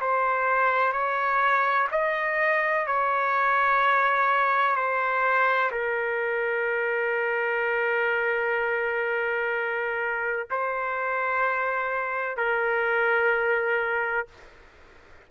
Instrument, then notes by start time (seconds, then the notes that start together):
trumpet
0.00 C5
0.92 C#5
1.91 D#5
2.86 C#5
4.75 C5
5.71 A#4
10.50 C5
12.36 A#4